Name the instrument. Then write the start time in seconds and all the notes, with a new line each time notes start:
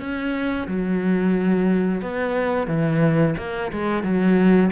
cello
0.00 C#4
0.68 F#3
2.02 B3
2.68 E3
3.38 A#3
3.72 G#3
4.03 F#3